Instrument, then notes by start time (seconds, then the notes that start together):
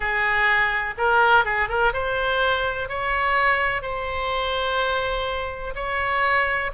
oboe
0.00 G#4
0.97 A#4
1.44 G#4
1.68 A#4
1.93 C5
2.88 C#5
3.82 C5
5.75 C#5